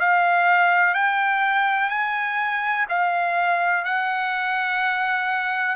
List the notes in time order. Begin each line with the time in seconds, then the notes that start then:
0.00 F5
0.95 G5
1.90 G#5
2.89 F5
3.85 F#5